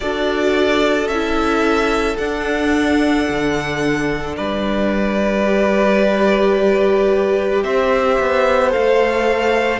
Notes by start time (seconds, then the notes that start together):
0.00 D4 F#4 A4 D5
1.07 C#4 E4 E5
2.17 D4 F#5
3.29 D3
4.36 G3 B4 D5
5.44 G4
7.62 C4 C5 E5
8.19 B3
8.70 A4 F5
8.77 A3